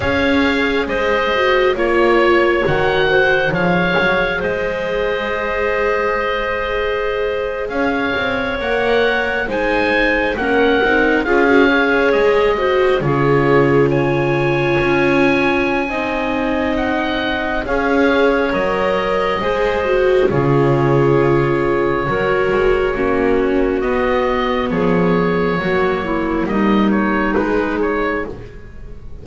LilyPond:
<<
  \new Staff \with { instrumentName = "oboe" } { \time 4/4 \tempo 4 = 68 f''4 dis''4 cis''4 fis''4 | f''4 dis''2.~ | dis''8. f''4 fis''4 gis''4 fis''16~ | fis''8. f''4 dis''4 cis''4 gis''16~ |
gis''2. fis''4 | f''4 dis''2 cis''4~ | cis''2. dis''4 | cis''2 dis''8 cis''8 b'8 cis''8 | }
  \new Staff \with { instrumentName = "clarinet" } { \time 4/4 cis''4 c''4 cis''4. c''8 | cis''4 c''2.~ | c''8. cis''2 c''4 ais'16~ | ais'8. gis'8 cis''4 c''8 gis'4 cis''16~ |
cis''2 dis''2 | cis''2 c''4 gis'4~ | gis'4 ais'4 fis'2 | gis'4 fis'8 e'8 dis'2 | }
  \new Staff \with { instrumentName = "viola" } { \time 4/4 gis'4. fis'8 f'4 fis'4 | gis'1~ | gis'4.~ gis'16 ais'4 dis'4 cis'16~ | cis'16 dis'8 f'16 fis'16 gis'4 fis'8 f'4~ f'16~ |
f'2 dis'2 | gis'4 ais'4 gis'8 fis'8 f'4~ | f'4 fis'4 cis'4 b4~ | b4 ais2 gis4 | }
  \new Staff \with { instrumentName = "double bass" } { \time 4/4 cis'4 gis4 ais4 dis4 | f8 fis8 gis2.~ | gis8. cis'8 c'8 ais4 gis4 ais16~ | ais16 c'8 cis'4 gis4 cis4~ cis16~ |
cis8. cis'4~ cis'16 c'2 | cis'4 fis4 gis4 cis4~ | cis4 fis8 gis8 ais4 b4 | f4 fis4 g4 gis4 | }
>>